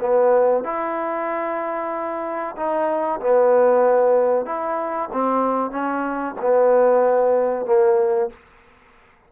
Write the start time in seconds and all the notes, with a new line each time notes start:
0.00 B3
0.64 E4
2.56 D#4
3.20 B3
4.46 E4
5.12 C4
5.71 C#4
6.41 B3
7.66 A#3